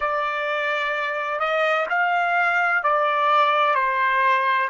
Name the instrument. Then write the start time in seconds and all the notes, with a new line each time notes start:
trumpet
0.00 D5
1.39 D#5
1.89 F5
2.83 D5
3.75 C5